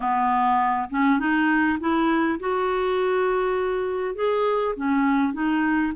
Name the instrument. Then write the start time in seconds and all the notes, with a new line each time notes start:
clarinet
0.00 B3
0.90 C#4
1.19 D#4
1.80 E4
2.39 F#4
4.15 G#4
4.76 C#4
5.33 D#4